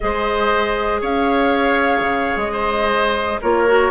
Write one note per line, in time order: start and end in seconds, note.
0.00 1.01 G#3
0.00 3.41 G#4
0.00 1.01 C5
0.00 1.01 D#5
1.01 2.00 C#4
1.01 2.52 C#5
1.01 2.38 F5
2.00 2.36 C#3
2.36 3.37 G#3
2.36 3.39 D#5
2.52 3.40 C5
3.41 3.90 A#3
3.41 3.67 F4
3.41 3.90 A#4
3.41 3.90 C#5
3.67 3.90 F#4